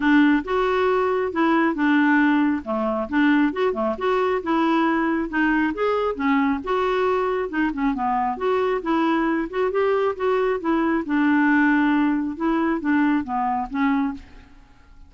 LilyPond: \new Staff \with { instrumentName = "clarinet" } { \time 4/4 \tempo 4 = 136 d'4 fis'2 e'4 | d'2 a4 d'4 | fis'8 a8 fis'4 e'2 | dis'4 gis'4 cis'4 fis'4~ |
fis'4 dis'8 cis'8 b4 fis'4 | e'4. fis'8 g'4 fis'4 | e'4 d'2. | e'4 d'4 b4 cis'4 | }